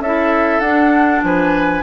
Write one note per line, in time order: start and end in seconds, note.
0.00 0.60 C#4
0.00 0.63 E4
0.00 1.25 A4
0.00 0.60 E5
0.60 1.22 D4
0.60 1.83 D4
0.60 1.21 F#5
1.24 1.83 F3
1.24 1.83 B4
1.24 1.83 G#5